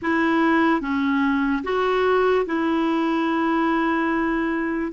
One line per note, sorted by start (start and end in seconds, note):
0.02 0.80 E4
0.80 1.63 C#4
1.63 2.45 F#4
2.45 4.92 E4